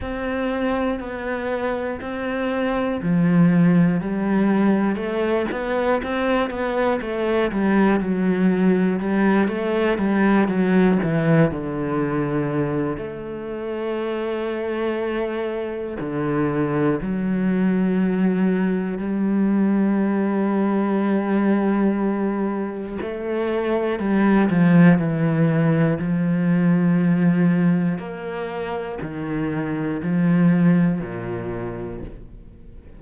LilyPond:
\new Staff \with { instrumentName = "cello" } { \time 4/4 \tempo 4 = 60 c'4 b4 c'4 f4 | g4 a8 b8 c'8 b8 a8 g8 | fis4 g8 a8 g8 fis8 e8 d8~ | d4 a2. |
d4 fis2 g4~ | g2. a4 | g8 f8 e4 f2 | ais4 dis4 f4 ais,4 | }